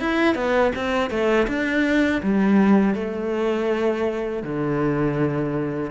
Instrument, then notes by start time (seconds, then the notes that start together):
cello
0.00 E4
0.35 B3
0.75 C4
1.10 A3
1.47 D4
2.23 G3
2.95 A3
4.43 D3